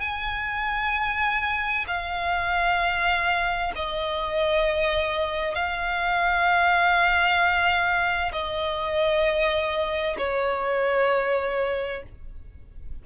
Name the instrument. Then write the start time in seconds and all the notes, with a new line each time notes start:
violin
0.00 G#5
1.87 F5
3.75 D#5
5.55 F5
8.32 D#5
10.17 C#5